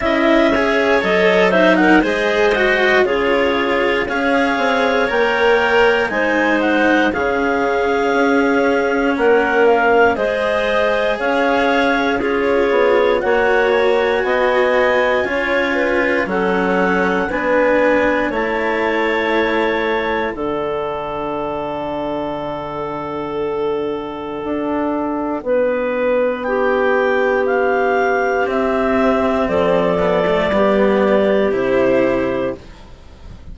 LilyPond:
<<
  \new Staff \with { instrumentName = "clarinet" } { \time 4/4 \tempo 4 = 59 e''4 dis''8 e''16 fis''16 dis''4 cis''4 | f''4 g''4 gis''8 fis''8 f''4~ | f''4 fis''8 f''8 dis''4 f''4 | cis''4 fis''8 gis''2~ gis''8 |
fis''4 gis''4 a''2 | fis''1~ | fis''2 g''4 f''4 | e''4 d''2 c''4 | }
  \new Staff \with { instrumentName = "clarinet" } { \time 4/4 dis''8 cis''4 c''16 ais'16 c''4 gis'4 | cis''2 c''4 gis'4~ | gis'4 ais'4 c''4 cis''4 | gis'4 cis''4 dis''4 cis''8 b'8 |
a'4 b'4 cis''2 | a'1~ | a'4 b'4 g'2~ | g'4 a'4 g'2 | }
  \new Staff \with { instrumentName = "cello" } { \time 4/4 e'8 gis'8 a'8 dis'8 gis'8 fis'8 f'4 | gis'4 ais'4 dis'4 cis'4~ | cis'2 gis'2 | f'4 fis'2 f'4 |
cis'4 d'4 e'2 | d'1~ | d'1 | c'4. b16 a16 b4 e'4 | }
  \new Staff \with { instrumentName = "bassoon" } { \time 4/4 cis'4 fis4 gis4 cis4 | cis'8 c'8 ais4 gis4 cis4 | cis'4 ais4 gis4 cis'4~ | cis'8 b8 ais4 b4 cis'4 |
fis4 b4 a2 | d1 | d'4 b2. | c'4 f4 g4 c4 | }
>>